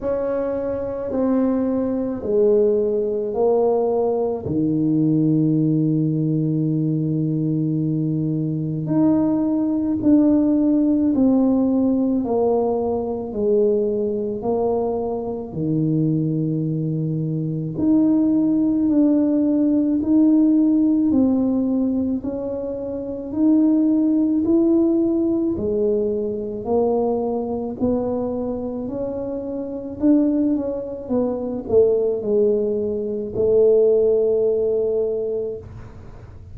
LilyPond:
\new Staff \with { instrumentName = "tuba" } { \time 4/4 \tempo 4 = 54 cis'4 c'4 gis4 ais4 | dis1 | dis'4 d'4 c'4 ais4 | gis4 ais4 dis2 |
dis'4 d'4 dis'4 c'4 | cis'4 dis'4 e'4 gis4 | ais4 b4 cis'4 d'8 cis'8 | b8 a8 gis4 a2 | }